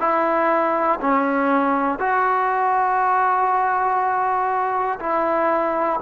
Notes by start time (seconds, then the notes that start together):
0.00 E4
1.01 C#4
2.00 F#4
5.00 E4